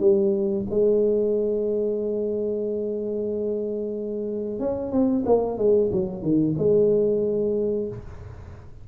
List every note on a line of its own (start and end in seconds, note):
0.00 0.65 G3
0.71 4.59 G#3
4.59 4.92 C#4
4.92 5.24 C4
5.26 5.58 A#3
5.58 5.91 G#3
5.93 6.23 F#3
6.23 6.55 D#3
6.58 7.88 G#3